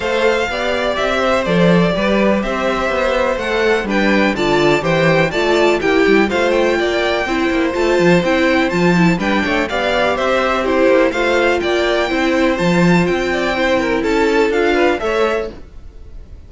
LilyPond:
<<
  \new Staff \with { instrumentName = "violin" } { \time 4/4 \tempo 4 = 124 f''2 e''4 d''4~ | d''4 e''2 fis''4 | g''4 a''4 g''4 a''4 | g''4 f''8 g''2~ g''8 |
a''4 g''4 a''4 g''4 | f''4 e''4 c''4 f''4 | g''2 a''4 g''4~ | g''4 a''4 f''4 e''4 | }
  \new Staff \with { instrumentName = "violin" } { \time 4/4 c''4 d''4. c''4. | b'4 c''2. | b'4 d''4 c''4 d''4 | g'4 c''4 d''4 c''4~ |
c''2. b'8 cis''8 | d''4 c''4 g'4 c''4 | d''4 c''2~ c''8 d''8 | c''8 ais'8 a'4. b'8 cis''4 | }
  \new Staff \with { instrumentName = "viola" } { \time 4/4 a'4 g'2 a'4 | g'2. a'4 | d'4 f'4 g'4 f'4 | e'4 f'2 e'4 |
f'4 e'4 f'8 e'8 d'4 | g'2 e'4 f'4~ | f'4 e'4 f'2 | e'2 f'4 a'4 | }
  \new Staff \with { instrumentName = "cello" } { \time 4/4 a4 b4 c'4 f4 | g4 c'4 b4 a4 | g4 d4 e4 a4 | ais8 g8 a4 ais4 c'8 ais8 |
a8 f8 c'4 f4 g8 a8 | b4 c'4. ais8 a4 | ais4 c'4 f4 c'4~ | c'4 cis'4 d'4 a4 | }
>>